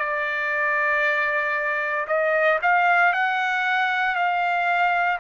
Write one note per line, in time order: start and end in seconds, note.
0.00 2.07 D5
2.08 2.60 D#5
2.62 3.14 F5
3.14 4.16 F#5
4.16 5.19 F5